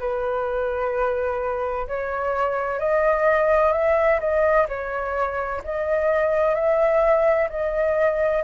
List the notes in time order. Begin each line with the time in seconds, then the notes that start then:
0.00 B4
1.88 C#5
2.80 D#5
3.73 E5
4.20 D#5
4.69 C#5
5.64 D#5
6.55 E5
7.50 D#5